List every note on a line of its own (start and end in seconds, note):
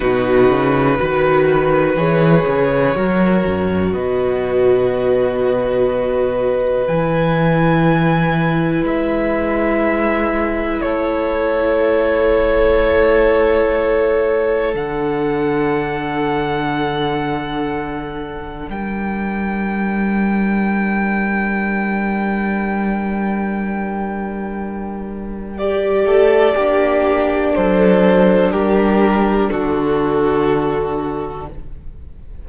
0.00 0.49 B2
0.00 0.98 D#4
0.00 0.95 F#4
0.00 1.95 B4
0.49 0.98 C#3
0.98 1.95 D#3
0.98 1.96 F#4
0.98 2.96 B4
1.95 2.44 E3
1.95 2.94 G#4
1.95 3.92 C#5
2.46 2.95 C#3
2.94 3.44 F#3
2.94 6.88 F#4
2.94 3.93 A#4
3.46 3.93 F#2
3.92 6.87 B2
3.92 10.81 B4
3.92 6.87 D#5
6.87 8.83 E3
6.87 14.72 E4
6.87 8.84 G#5
8.83 10.80 G#3
8.83 10.81 E5
10.81 14.74 A3
10.81 18.69 A4
10.81 14.74 C#5
14.72 18.67 D3
14.72 25.54 D4
14.72 18.69 F#5
18.69 26.05 G3
18.69 26.06 A#4
18.69 25.58 G5
25.58 26.56 G4
25.58 27.54 D5
26.05 26.54 A3
26.05 26.55 A4
26.55 27.54 A#3
26.55 31.48 D4
26.55 27.53 G4
27.54 28.52 F#3
27.54 28.51 A4
27.54 28.51 C5
28.51 29.50 G3
28.51 29.49 G4
28.51 29.50 A#4
29.50 31.49 D3
29.50 31.47 F#4
29.50 31.47 A4